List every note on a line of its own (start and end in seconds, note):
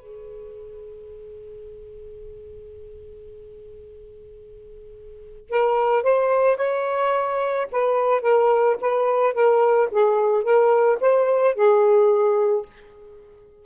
0.00 5.50 G#4
5.50 6.03 A#4
6.03 6.57 C5
6.57 7.67 C#5
7.72 8.22 B4
8.22 8.77 A#4
8.81 9.34 B4
9.34 9.89 A#4
9.92 10.44 G#4
10.44 10.99 A#4
11.01 11.55 C5
11.55 12.66 G#4